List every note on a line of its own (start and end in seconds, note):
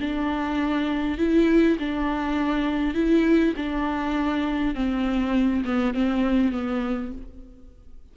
0.00 1.18 D4
1.18 1.77 E4
1.79 2.95 D4
2.95 3.54 E4
3.56 4.75 D4
4.75 5.64 C4
5.65 5.94 B3
5.94 6.52 C4
6.52 7.12 B3